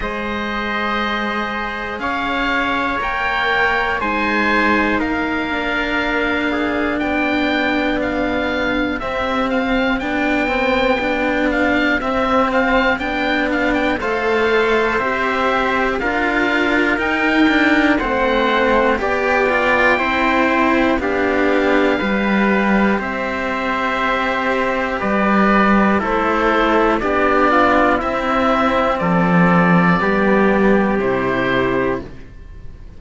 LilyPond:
<<
  \new Staff \with { instrumentName = "oboe" } { \time 4/4 \tempo 4 = 60 dis''2 f''4 g''4 | gis''4 f''2 g''4 | f''4 e''8 f''8 g''4. f''8 | e''8 f''8 g''8 f''16 g''16 f''4 e''4 |
f''4 g''4 fis''4 g''4~ | g''4 f''2 e''4~ | e''4 d''4 c''4 d''4 | e''4 d''2 c''4 | }
  \new Staff \with { instrumentName = "trumpet" } { \time 4/4 c''2 cis''2 | c''4 ais'4. gis'8 g'4~ | g'1~ | g'2 c''2 |
ais'2 c''4 d''4 | c''4 g'4 b'4 c''4~ | c''4 b'4 a'4 g'8 f'8 | e'4 a'4 g'2 | }
  \new Staff \with { instrumentName = "cello" } { \time 4/4 gis'2. ais'4 | dis'4. d'2~ d'8~ | d'4 c'4 d'8 c'8 d'4 | c'4 d'4 a'4 g'4 |
f'4 dis'8 d'8 c'4 g'8 f'8 | e'4 d'4 g'2~ | g'2 e'4 d'4 | c'2 b4 e'4 | }
  \new Staff \with { instrumentName = "cello" } { \time 4/4 gis2 cis'4 ais4 | gis4 ais2 b4~ | b4 c'4 b2 | c'4 b4 a4 c'4 |
d'4 dis'4 a4 b4 | c'4 b4 g4 c'4~ | c'4 g4 a4 b4 | c'4 f4 g4 c4 | }
>>